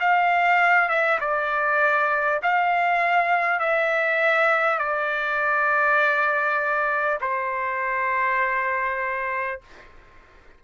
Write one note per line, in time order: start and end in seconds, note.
0.00 0.88 F5
0.88 1.18 E5
1.20 2.40 D5
2.42 3.59 F5
3.59 4.78 E5
4.78 7.18 D5
7.20 9.60 C5